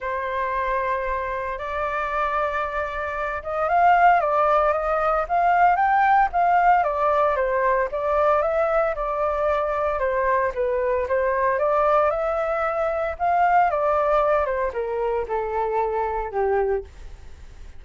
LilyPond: \new Staff \with { instrumentName = "flute" } { \time 4/4 \tempo 4 = 114 c''2. d''4~ | d''2~ d''8 dis''8 f''4 | d''4 dis''4 f''4 g''4 | f''4 d''4 c''4 d''4 |
e''4 d''2 c''4 | b'4 c''4 d''4 e''4~ | e''4 f''4 d''4. c''8 | ais'4 a'2 g'4 | }